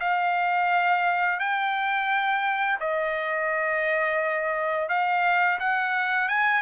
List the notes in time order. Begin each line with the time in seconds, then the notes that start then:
0.00 F5
1.39 G5
2.80 D#5
4.89 F5
5.59 F#5
6.28 G#5